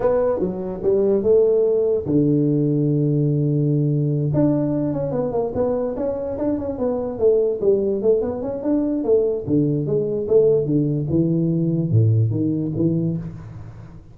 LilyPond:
\new Staff \with { instrumentName = "tuba" } { \time 4/4 \tempo 4 = 146 b4 fis4 g4 a4~ | a4 d2.~ | d2~ d8 d'4. | cis'8 b8 ais8 b4 cis'4 d'8 |
cis'8 b4 a4 g4 a8 | b8 cis'8 d'4 a4 d4 | gis4 a4 d4 e4~ | e4 a,4 dis4 e4 | }